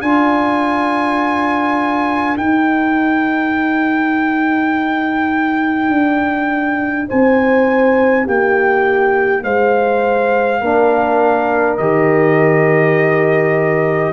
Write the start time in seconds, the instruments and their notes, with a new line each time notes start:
0.00 tuba D4, trombone F4, horn A#4, trumpet G#5
2.37 tuba D#4, trombone D#4, trumpet G5
5.89 tuba D4
7.08 tuba C4, horn C5, trumpet G#5
8.25 tuba A#3, horn G4, trumpet G5
9.43 tuba G#3, horn C5, trumpet F5
10.61 tuba A#3, trombone D4, horn A#4
11.77 tuba D#3, trombone G4, trumpet D#5